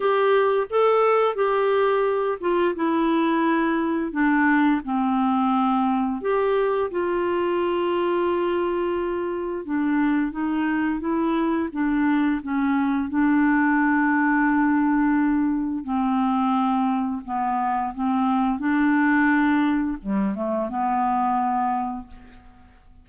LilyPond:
\new Staff \with { instrumentName = "clarinet" } { \time 4/4 \tempo 4 = 87 g'4 a'4 g'4. f'8 | e'2 d'4 c'4~ | c'4 g'4 f'2~ | f'2 d'4 dis'4 |
e'4 d'4 cis'4 d'4~ | d'2. c'4~ | c'4 b4 c'4 d'4~ | d'4 g8 a8 b2 | }